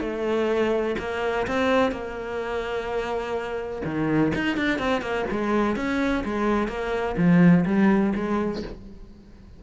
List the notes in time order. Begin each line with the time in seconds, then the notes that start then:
0.00 A3
0.99 A#3
1.47 C4
1.91 A#3
3.85 D#3
4.35 D#4
4.56 D4
4.79 C4
5.01 A#3
5.31 G#3
5.76 C#4
6.24 G#3
6.68 A#3
7.17 F3
7.65 G3
8.15 G#3